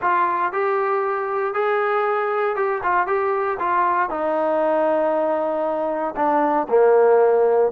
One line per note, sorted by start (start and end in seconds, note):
0.01 0.52 F4
0.52 1.53 G4
1.53 2.56 G#4
2.56 2.81 G4
2.83 3.07 F4
3.07 3.58 G4
3.59 4.09 F4
4.09 6.14 D#4
6.15 6.67 D4
6.69 7.71 A#3